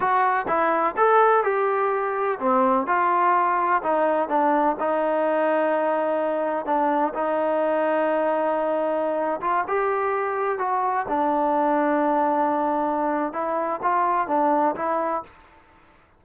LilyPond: \new Staff \with { instrumentName = "trombone" } { \time 4/4 \tempo 4 = 126 fis'4 e'4 a'4 g'4~ | g'4 c'4 f'2 | dis'4 d'4 dis'2~ | dis'2 d'4 dis'4~ |
dis'2.~ dis'8. f'16~ | f'16 g'2 fis'4 d'8.~ | d'1 | e'4 f'4 d'4 e'4 | }